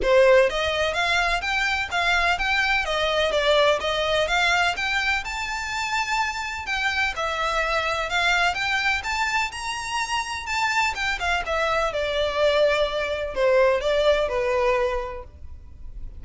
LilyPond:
\new Staff \with { instrumentName = "violin" } { \time 4/4 \tempo 4 = 126 c''4 dis''4 f''4 g''4 | f''4 g''4 dis''4 d''4 | dis''4 f''4 g''4 a''4~ | a''2 g''4 e''4~ |
e''4 f''4 g''4 a''4 | ais''2 a''4 g''8 f''8 | e''4 d''2. | c''4 d''4 b'2 | }